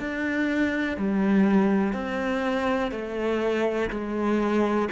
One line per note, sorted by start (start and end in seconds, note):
0.00 0.97 D4
0.97 1.93 G3
1.93 2.92 C4
2.92 3.90 A3
3.90 4.89 G#3